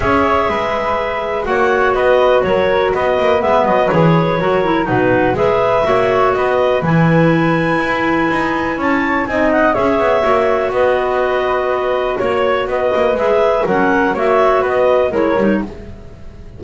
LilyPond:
<<
  \new Staff \with { instrumentName = "clarinet" } { \time 4/4 \tempo 4 = 123 e''2. fis''4 | dis''4 cis''4 dis''4 e''8 dis''8 | cis''2 b'4 e''4~ | e''4 dis''4 gis''2~ |
gis''2 a''4 gis''8 fis''8 | e''2 dis''2~ | dis''4 cis''4 dis''4 e''4 | fis''4 e''4 dis''4 cis''4 | }
  \new Staff \with { instrumentName = "flute" } { \time 4/4 cis''4 b'2 cis''4 | b'4 ais'4 b'2~ | b'4 ais'4 fis'4 b'4 | cis''4 b'2.~ |
b'2 cis''4 dis''4 | cis''2 b'2~ | b'4 cis''4 b'2 | ais'4 cis''4 b'4 ais'4 | }
  \new Staff \with { instrumentName = "clarinet" } { \time 4/4 gis'2. fis'4~ | fis'2. b4 | gis'4 fis'8 e'8 dis'4 gis'4 | fis'2 e'2~ |
e'2. dis'4 | gis'4 fis'2.~ | fis'2. gis'4 | cis'4 fis'2 e'8 dis'8 | }
  \new Staff \with { instrumentName = "double bass" } { \time 4/4 cis'4 gis2 ais4 | b4 fis4 b8 ais8 gis8 fis8 | e4 fis4 b,4 gis4 | ais4 b4 e2 |
e'4 dis'4 cis'4 c'4 | cis'8 b8 ais4 b2~ | b4 ais4 b8 ais8 gis4 | fis4 ais4 b4 gis8 g8 | }
>>